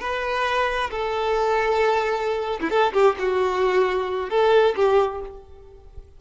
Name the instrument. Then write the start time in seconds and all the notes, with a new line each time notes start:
violin
0.00 B4
0.91 A4
2.60 E4
2.70 A4
2.93 G4
3.19 F#4
4.30 A4
4.76 G4